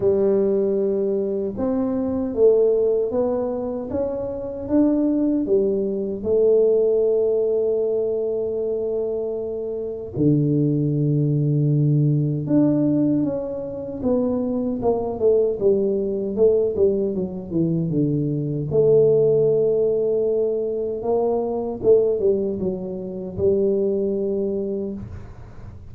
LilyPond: \new Staff \with { instrumentName = "tuba" } { \time 4/4 \tempo 4 = 77 g2 c'4 a4 | b4 cis'4 d'4 g4 | a1~ | a4 d2. |
d'4 cis'4 b4 ais8 a8 | g4 a8 g8 fis8 e8 d4 | a2. ais4 | a8 g8 fis4 g2 | }